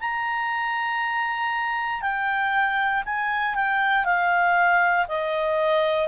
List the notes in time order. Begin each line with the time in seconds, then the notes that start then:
0.00 A#5
2.02 G5
3.05 G#5
3.55 G5
4.05 F5
5.08 D#5